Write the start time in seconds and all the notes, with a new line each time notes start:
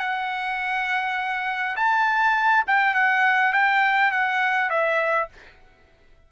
0.00 F#5
1.76 A5
2.68 G5
2.95 F#5
3.53 G5
4.12 F#5
4.70 E5